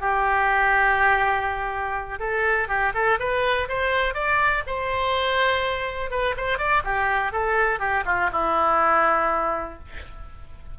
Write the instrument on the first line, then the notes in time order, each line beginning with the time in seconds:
oboe
0.00 G4
2.19 A4
2.68 G4
2.94 A4
3.20 B4
3.69 C5
4.14 D5
4.67 C5
6.10 B4
6.37 C5
6.58 D5
6.84 G4
7.32 A4
7.79 G4
8.06 F4
8.32 E4